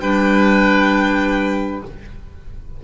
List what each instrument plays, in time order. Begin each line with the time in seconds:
0.00 double bass G3, clarinet D4, oboe B4, violin G5